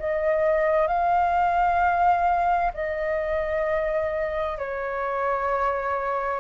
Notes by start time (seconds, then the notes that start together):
0.00 D#5
0.88 F5
2.74 D#5
4.59 C#5